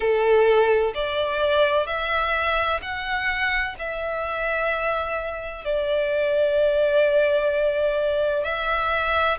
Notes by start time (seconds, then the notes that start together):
0.00 A4
0.94 D5
1.86 E5
2.82 F#5
3.78 E5
5.65 D5
8.44 E5